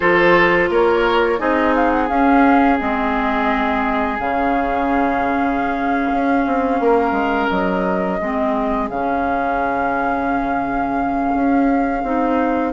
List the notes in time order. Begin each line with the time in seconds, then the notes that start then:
0.00 F3 F4 A4 C5
0.69 A#3 A#4 C#5
1.38 C4 D#4 G#4 D#5
1.75 F5
1.90 F#5
2.08 C#4 F5
2.78 G#3 C4 D#5
4.18 C#3 C#4 F5
6.11 C#4
6.46 C4
6.80 A#3 A#4
7.11 G#3
7.49 F#3 D#5
8.19 G#3 C4 G#4
8.89 C#3 C#4 F5
11.34 C#4
12.03 C4 D#4